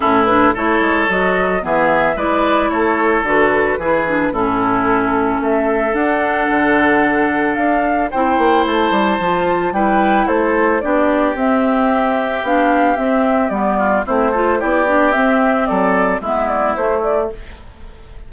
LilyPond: <<
  \new Staff \with { instrumentName = "flute" } { \time 4/4 \tempo 4 = 111 a'8 b'8 cis''4 dis''4 e''4 | d''4 cis''4 b'2 | a'2 e''4 fis''4~ | fis''2 f''4 g''4 |
a''2 g''4 c''4 | d''4 e''2 f''4 | e''4 d''4 c''4 d''4 | e''4 d''4 e''8 d''8 c''8 d''8 | }
  \new Staff \with { instrumentName = "oboe" } { \time 4/4 e'4 a'2 gis'4 | b'4 a'2 gis'4 | e'2 a'2~ | a'2. c''4~ |
c''2 b'4 a'4 | g'1~ | g'4. f'8 e'8 a'8 g'4~ | g'4 a'4 e'2 | }
  \new Staff \with { instrumentName = "clarinet" } { \time 4/4 cis'8 d'8 e'4 fis'4 b4 | e'2 fis'4 e'8 d'8 | cis'2. d'4~ | d'2. e'4~ |
e'4 f'4 e'2 | d'4 c'2 d'4 | c'4 b4 c'8 f'8 e'8 d'8 | c'2 b4 a4 | }
  \new Staff \with { instrumentName = "bassoon" } { \time 4/4 a,4 a8 gis8 fis4 e4 | gis4 a4 d4 e4 | a,2 a4 d'4 | d2 d'4 c'8 ais8 |
a8 g8 f4 g4 a4 | b4 c'2 b4 | c'4 g4 a4 b4 | c'4 fis4 gis4 a4 | }
>>